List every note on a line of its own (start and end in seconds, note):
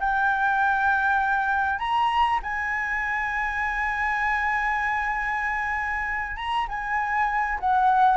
0.00 1.79 G5
1.79 2.40 A#5
2.43 6.37 G#5
6.37 6.67 A#5
6.68 7.59 G#5
7.60 8.17 F#5